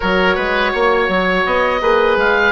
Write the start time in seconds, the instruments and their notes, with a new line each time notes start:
0.00 bassoon F#3, horn F#4, oboe A#4 C#5
0.35 bassoon G#3, oboe B4
0.72 bassoon A#3, oboe C#5
1.08 bassoon F#3
1.45 bassoon B3, oboe D#5
1.81 bassoon A#3, horn G#4, oboe B4
2.17 bassoon G#3, oboe F5